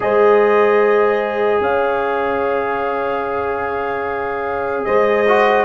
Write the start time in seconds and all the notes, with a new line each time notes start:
0.00 G#3 G#4 C5 D#5
1.60 C#4 C#5 F5
4.84 G#3 C5 D#5
5.27 F#4